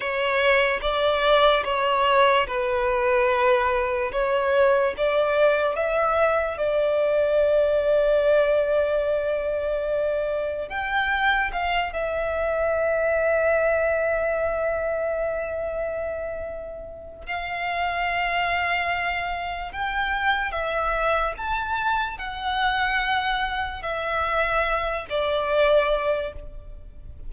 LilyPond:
\new Staff \with { instrumentName = "violin" } { \time 4/4 \tempo 4 = 73 cis''4 d''4 cis''4 b'4~ | b'4 cis''4 d''4 e''4 | d''1~ | d''4 g''4 f''8 e''4.~ |
e''1~ | e''4 f''2. | g''4 e''4 a''4 fis''4~ | fis''4 e''4. d''4. | }